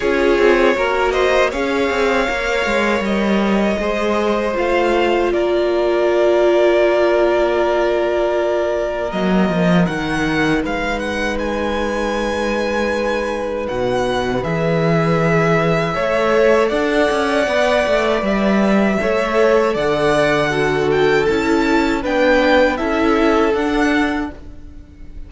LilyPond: <<
  \new Staff \with { instrumentName = "violin" } { \time 4/4 \tempo 4 = 79 cis''4. dis''8 f''2 | dis''2 f''4 d''4~ | d''1 | dis''4 fis''4 f''8 fis''8 gis''4~ |
gis''2 fis''4 e''4~ | e''2 fis''2 | e''2 fis''4. g''8 | a''4 g''4 e''4 fis''4 | }
  \new Staff \with { instrumentName = "violin" } { \time 4/4 gis'4 ais'8 c''8 cis''2~ | cis''4 c''2 ais'4~ | ais'1~ | ais'2 b'2~ |
b'1~ | b'4 cis''4 d''2~ | d''4 cis''4 d''4 a'4~ | a'4 b'4 a'2 | }
  \new Staff \with { instrumentName = "viola" } { \time 4/4 f'4 fis'4 gis'4 ais'4~ | ais'4 gis'4 f'2~ | f'1 | ais4 dis'2.~ |
dis'2. gis'4~ | gis'4 a'2 b'4~ | b'4 a'2 fis'4 | e'4 d'4 e'4 d'4 | }
  \new Staff \with { instrumentName = "cello" } { \time 4/4 cis'8 c'8 ais4 cis'8 c'8 ais8 gis8 | g4 gis4 a4 ais4~ | ais1 | fis8 f8 dis4 gis2~ |
gis2 b,4 e4~ | e4 a4 d'8 cis'8 b8 a8 | g4 a4 d2 | cis'4 b4 cis'4 d'4 | }
>>